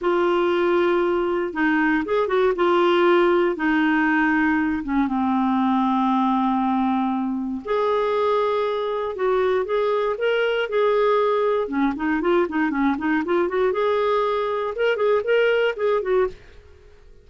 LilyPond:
\new Staff \with { instrumentName = "clarinet" } { \time 4/4 \tempo 4 = 118 f'2. dis'4 | gis'8 fis'8 f'2 dis'4~ | dis'4. cis'8 c'2~ | c'2. gis'4~ |
gis'2 fis'4 gis'4 | ais'4 gis'2 cis'8 dis'8 | f'8 dis'8 cis'8 dis'8 f'8 fis'8 gis'4~ | gis'4 ais'8 gis'8 ais'4 gis'8 fis'8 | }